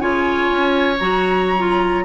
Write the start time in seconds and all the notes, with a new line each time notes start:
0.00 C#3 F4 C#5 G#5
0.51 C#4
0.99 F#3 F#4 A#5
1.57 F4